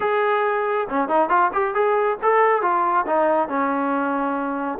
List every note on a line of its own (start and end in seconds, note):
0.00 0.87 G#4
0.89 1.08 C#4
1.08 1.29 D#4
1.29 1.51 F4
1.53 1.74 G4
1.74 2.17 G#4
2.22 2.62 A4
2.62 3.05 F4
3.06 3.48 D#4
3.48 4.78 C#4